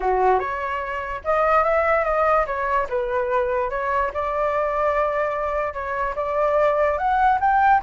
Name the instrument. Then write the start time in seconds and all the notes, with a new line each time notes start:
flute
0.00 F#4
0.39 C#5
1.24 D#5
1.63 E5
2.04 D#5
2.46 C#5
2.89 B4
3.70 C#5
4.13 D5
5.73 C#5
6.15 D5
6.98 F#5
7.40 G5